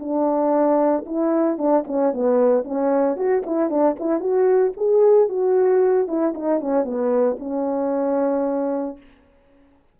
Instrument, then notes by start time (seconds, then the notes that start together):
horn
0.00 D4
1.06 E4
1.58 D4
1.88 C#4
2.13 B3
2.64 C#4
3.17 F#4
3.46 E4
3.70 D4
4.00 E4
4.20 F#4
4.77 G#4
5.29 F#4
6.08 E4
6.34 D#4
6.61 C#4
6.84 B3
7.39 C#4